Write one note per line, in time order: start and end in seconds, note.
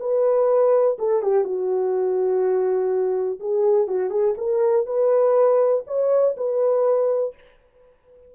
0.00 0.98 B4
0.99 1.22 A4
1.22 1.45 G4
1.45 3.40 F#4
3.40 3.88 G#4
3.88 4.11 F#4
4.11 4.35 G#4
4.38 4.86 A#4
4.87 5.84 B4
5.87 6.36 C#5
6.37 7.35 B4